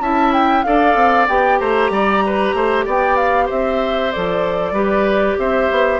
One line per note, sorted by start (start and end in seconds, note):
0.00 0.63 C#4
0.00 0.64 E4
0.00 0.65 E5
0.00 0.32 A5
0.33 0.63 G5
0.63 0.95 D4
0.63 1.27 A4
0.63 1.59 D5
0.63 1.27 F5
0.95 1.27 C4
1.28 1.60 B3
1.28 4.13 G4
1.28 1.59 G5
1.59 1.90 A3
1.59 1.91 C5
1.59 2.85 A#5
1.90 2.53 G3
1.90 2.24 D5
2.26 2.56 B4
2.54 2.85 A3
2.54 2.85 C5
2.85 3.49 B3
2.85 3.46 D5
2.85 3.16 G5
3.16 3.48 F5
3.46 4.14 C4
3.46 4.72 C5
3.46 4.12 E5
4.12 4.72 F3
4.12 4.75 A4
4.12 5.38 D5
4.72 5.35 G3
4.72 6.00 G4
4.72 5.37 B4
5.39 5.70 C4
5.39 6.00 C5
5.39 6.00 E5
5.71 6.00 B3